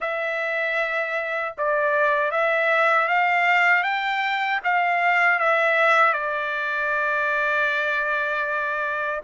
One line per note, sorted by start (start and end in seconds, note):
0.00 1.54 E5
1.57 2.31 D5
2.31 3.08 E5
3.08 3.83 F5
3.83 4.60 G5
4.64 5.39 F5
5.39 6.13 E5
6.13 9.20 D5